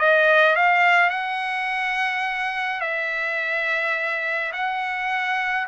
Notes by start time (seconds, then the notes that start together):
0.00 D#5
0.56 F5
1.10 F#5
2.81 E5
4.53 F#5